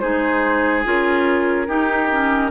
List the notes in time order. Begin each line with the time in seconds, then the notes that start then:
0.00 G#3 D#4 G#4 C5
0.84 C#4 F4 A#4
1.66 D#4 G4
2.11 C#4